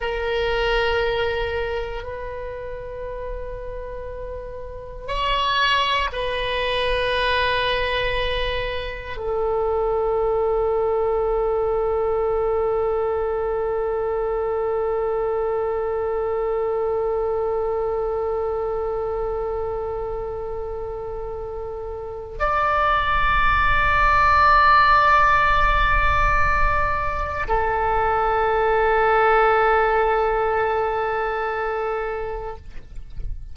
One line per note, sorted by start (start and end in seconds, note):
0.00 2.03 A#4
2.03 5.07 B4
5.07 6.09 C#5
6.12 9.16 B4
9.16 22.38 A4
22.39 27.47 D5
27.48 32.56 A4